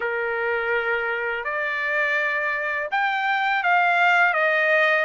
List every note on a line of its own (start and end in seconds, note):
0.00 1.44 A#4
1.44 2.88 D5
2.91 3.63 G5
3.63 4.33 F5
4.33 5.05 D#5